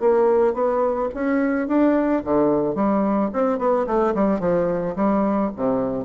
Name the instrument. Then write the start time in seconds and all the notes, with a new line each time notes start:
bassoon
0.00 A#3
0.54 B3
1.14 C#4
1.68 D4
2.24 D3
2.75 G3
3.33 C4
3.59 B3
3.86 A3
4.15 G3
4.40 F3
4.96 G3
5.56 C3